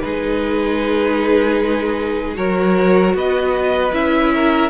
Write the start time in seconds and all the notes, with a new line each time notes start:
0.00 G#3 D#4 G#4 B4
2.34 F#3 F#4 A#4 C#5
3.14 B3 B4 D#5
3.92 C#4 E4 E5
4.34 A#4